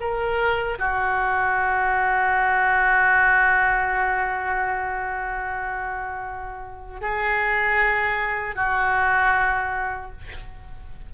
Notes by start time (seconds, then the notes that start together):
0.00 A#4
0.78 F#4
7.01 G#4
8.55 F#4